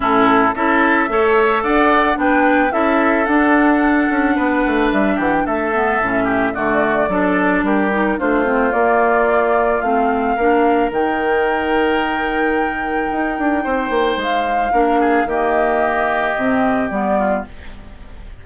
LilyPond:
<<
  \new Staff \with { instrumentName = "flute" } { \time 4/4 \tempo 4 = 110 a'4 e''2 fis''4 | g''4 e''4 fis''2~ | fis''4 e''8 fis''16 g''16 e''2 | d''2 ais'4 c''4 |
d''2 f''2 | g''1~ | g''2 f''2 | dis''2. d''4 | }
  \new Staff \with { instrumentName = "oboe" } { \time 4/4 e'4 a'4 cis''4 d''4 | b'4 a'2. | b'4. g'8 a'4. g'8 | fis'4 a'4 g'4 f'4~ |
f'2. ais'4~ | ais'1~ | ais'4 c''2 ais'8 gis'8 | g'2.~ g'8 f'8 | }
  \new Staff \with { instrumentName = "clarinet" } { \time 4/4 cis'4 e'4 a'2 | d'4 e'4 d'2~ | d'2~ d'8 b8 cis'4 | a4 d'4. dis'8 d'8 c'8 |
ais2 c'4 d'4 | dis'1~ | dis'2. d'4 | ais2 c'4 b4 | }
  \new Staff \with { instrumentName = "bassoon" } { \time 4/4 a,4 cis'4 a4 d'4 | b4 cis'4 d'4. cis'8 | b8 a8 g8 e8 a4 a,4 | d4 fis4 g4 a4 |
ais2 a4 ais4 | dis1 | dis'8 d'8 c'8 ais8 gis4 ais4 | dis2 c4 g4 | }
>>